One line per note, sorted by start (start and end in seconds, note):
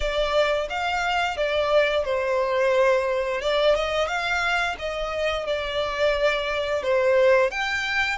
0.00 0.68 D5
0.69 1.36 F5
1.36 2.05 D5
2.05 3.41 C5
3.41 3.75 D5
3.75 4.07 D#5
4.07 4.75 F5
4.79 5.46 D#5
5.46 6.82 D5
6.82 7.51 C5
7.51 8.18 G5